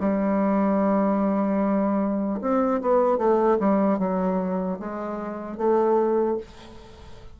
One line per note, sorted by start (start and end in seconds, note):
0.00 2.40 G3
2.41 2.81 C4
2.81 3.18 B3
3.18 3.58 A3
3.59 3.99 G3
3.99 4.79 F#3
4.79 5.57 G#3
5.57 6.37 A3